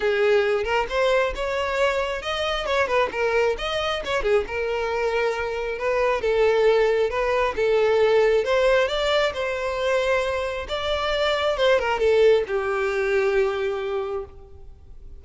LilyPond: \new Staff \with { instrumentName = "violin" } { \time 4/4 \tempo 4 = 135 gis'4. ais'8 c''4 cis''4~ | cis''4 dis''4 cis''8 b'8 ais'4 | dis''4 cis''8 gis'8 ais'2~ | ais'4 b'4 a'2 |
b'4 a'2 c''4 | d''4 c''2. | d''2 c''8 ais'8 a'4 | g'1 | }